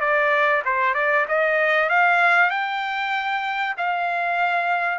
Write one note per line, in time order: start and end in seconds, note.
0.00 0.62 D5
0.64 0.94 C5
0.94 1.25 D5
1.28 1.89 D#5
1.89 2.50 F5
2.50 3.75 G5
3.77 4.98 F5